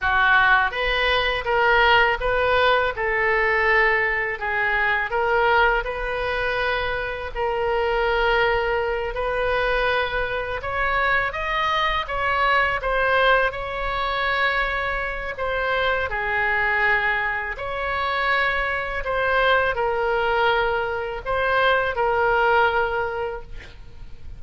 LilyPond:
\new Staff \with { instrumentName = "oboe" } { \time 4/4 \tempo 4 = 82 fis'4 b'4 ais'4 b'4 | a'2 gis'4 ais'4 | b'2 ais'2~ | ais'8 b'2 cis''4 dis''8~ |
dis''8 cis''4 c''4 cis''4.~ | cis''4 c''4 gis'2 | cis''2 c''4 ais'4~ | ais'4 c''4 ais'2 | }